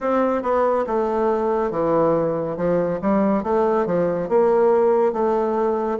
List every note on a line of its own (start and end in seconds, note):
0.00 0.42 C4
0.42 0.85 B3
0.86 1.71 A3
1.71 2.56 E3
2.56 2.99 F3
3.01 3.43 G3
3.43 3.86 A3
3.86 4.29 F3
4.29 5.12 A#3
5.12 5.98 A3